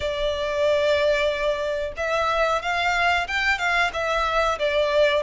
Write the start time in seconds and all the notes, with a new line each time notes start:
0.00 D5
1.97 E5
2.62 F5
3.27 G5
3.58 F5
3.93 E5
4.59 D5